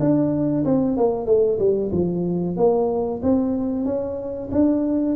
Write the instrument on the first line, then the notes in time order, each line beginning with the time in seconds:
tuba
0.00 D4
0.65 C4
0.97 A#3
1.26 A3
1.59 G3
1.92 F3
2.57 A#3
3.23 C4
3.85 C#4
4.52 D4